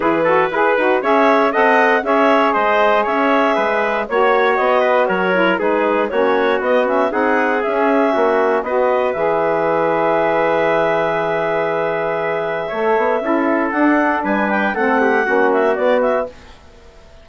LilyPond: <<
  \new Staff \with { instrumentName = "clarinet" } { \time 4/4 \tempo 4 = 118 b'2 e''4 fis''4 | e''4 dis''4 e''2 | cis''4 dis''4 cis''4 b'4 | cis''4 dis''8 e''8 fis''4 e''4~ |
e''4 dis''4 e''2~ | e''1~ | e''2. fis''4 | gis''8 g''8 fis''4. e''8 d''8 e''8 | }
  \new Staff \with { instrumentName = "trumpet" } { \time 4/4 gis'8 a'8 b'4 cis''4 dis''4 | cis''4 c''4 cis''4 b'4 | cis''4. b'8 ais'4 gis'4 | fis'2 gis'2 |
fis'4 b'2.~ | b'1~ | b'4 cis''4 a'2 | b'4 a'8 g'8 fis'2 | }
  \new Staff \with { instrumentName = "saxophone" } { \time 4/4 e'8 fis'8 gis'8 fis'8 gis'4 a'4 | gis'1 | fis'2~ fis'8 e'8 dis'4 | cis'4 b8 cis'8 dis'4 cis'4~ |
cis'4 fis'4 gis'2~ | gis'1~ | gis'4 a'4 e'4 d'4~ | d'4 c'4 cis'4 b4 | }
  \new Staff \with { instrumentName = "bassoon" } { \time 4/4 e4 e'8 dis'8 cis'4 c'4 | cis'4 gis4 cis'4 gis4 | ais4 b4 fis4 gis4 | ais4 b4 c'4 cis'4 |
ais4 b4 e2~ | e1~ | e4 a8 b8 cis'4 d'4 | g4 a4 ais4 b4 | }
>>